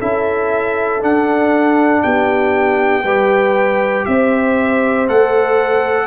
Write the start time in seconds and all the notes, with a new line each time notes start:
0.00 C#4 E4 A4 E5
1.00 D4 F#5
2.03 B3 G4 G5
3.04 G3 G4 B4
4.06 C4 C5 E5
5.08 A3 A4 F#5